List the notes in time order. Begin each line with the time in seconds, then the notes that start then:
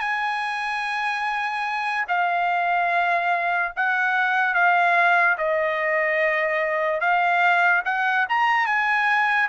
0.00 G#5
2.08 F5
3.76 F#5
4.54 F5
5.38 D#5
7.00 F5
7.85 F#5
8.29 A#5
8.66 G#5